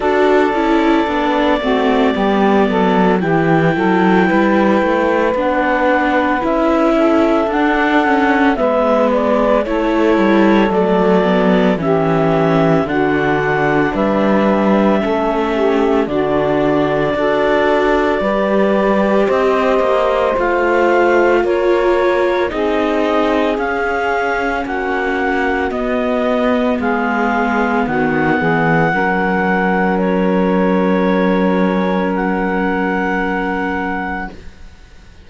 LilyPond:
<<
  \new Staff \with { instrumentName = "clarinet" } { \time 4/4 \tempo 4 = 56 d''2. g''4~ | g''4 fis''4 e''4 fis''4 | e''8 d''8 cis''4 d''4 e''4 | fis''4 e''2 d''4~ |
d''2 dis''4 f''4 | cis''4 dis''4 f''4 fis''4 | dis''4 f''4 fis''2 | cis''2 fis''2 | }
  \new Staff \with { instrumentName = "saxophone" } { \time 4/4 a'4. fis'8 g'8 a'8 g'8 a'8 | b'2~ b'8 a'4. | b'4 a'2 g'4 | fis'4 b'4 a'8 g'8 fis'4 |
a'4 b'4 c''2 | ais'4 gis'2 fis'4~ | fis'4 gis'4 fis'8 gis'8 ais'4~ | ais'1 | }
  \new Staff \with { instrumentName = "viola" } { \time 4/4 fis'8 e'8 d'8 c'8 b4 e'4~ | e'4 d'4 e'4 d'8 cis'8 | b4 e'4 a8 b8 cis'4 | d'2 cis'4 d'4 |
fis'4 g'2 f'4~ | f'4 dis'4 cis'2 | b2. cis'4~ | cis'1 | }
  \new Staff \with { instrumentName = "cello" } { \time 4/4 d'8 cis'8 b8 a8 g8 fis8 e8 fis8 | g8 a8 b4 cis'4 d'4 | gis4 a8 g8 fis4 e4 | d4 g4 a4 d4 |
d'4 g4 c'8 ais8 a4 | ais4 c'4 cis'4 ais4 | b4 gis4 dis8 e8 fis4~ | fis1 | }
>>